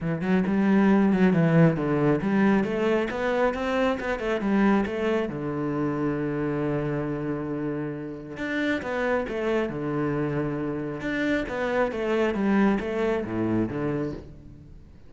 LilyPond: \new Staff \with { instrumentName = "cello" } { \time 4/4 \tempo 4 = 136 e8 fis8 g4. fis8 e4 | d4 g4 a4 b4 | c'4 b8 a8 g4 a4 | d1~ |
d2. d'4 | b4 a4 d2~ | d4 d'4 b4 a4 | g4 a4 a,4 d4 | }